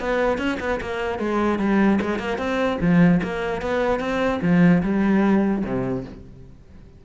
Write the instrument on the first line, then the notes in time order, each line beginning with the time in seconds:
cello
0.00 B3
0.38 C#4
0.60 B3
0.81 A#3
1.19 G#3
1.59 G3
2.01 G#3
2.19 A#3
2.38 C4
2.81 F3
3.23 A#3
3.61 B3
4.00 C4
4.42 F3
4.83 G3
5.64 C3